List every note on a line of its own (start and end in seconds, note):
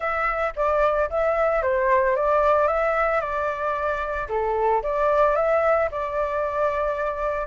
0.00 0.53 E5
0.56 1.09 D5
1.10 1.62 E5
1.62 2.16 C5
2.16 2.67 D5
2.67 3.20 E5
3.20 4.27 D5
4.29 4.82 A4
4.82 5.35 D5
5.35 5.89 E5
5.91 7.47 D5